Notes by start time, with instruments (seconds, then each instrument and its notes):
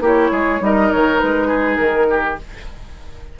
0.00 bassoon A#3, clarinet E4, oboe G4
0.06 flute C#5
0.31 bassoon G#3, oboe G#4
0.60 bassoon G3, clarinet D#4, oboe A#4, flute D#5
0.92 bassoon D#3, flute C#5
1.19 bassoon G#3, flute B4
1.47 oboe G#4
1.76 bassoon D#3, flute A#4
2.09 oboe G4